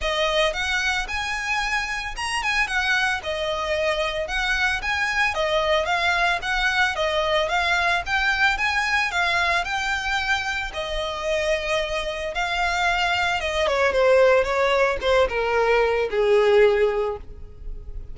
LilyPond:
\new Staff \with { instrumentName = "violin" } { \time 4/4 \tempo 4 = 112 dis''4 fis''4 gis''2 | ais''8 gis''8 fis''4 dis''2 | fis''4 gis''4 dis''4 f''4 | fis''4 dis''4 f''4 g''4 |
gis''4 f''4 g''2 | dis''2. f''4~ | f''4 dis''8 cis''8 c''4 cis''4 | c''8 ais'4. gis'2 | }